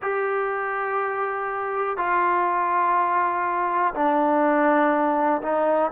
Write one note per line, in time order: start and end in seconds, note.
0.02 1.97 G4
1.97 3.93 F4
3.94 5.41 D4
5.41 5.91 D#4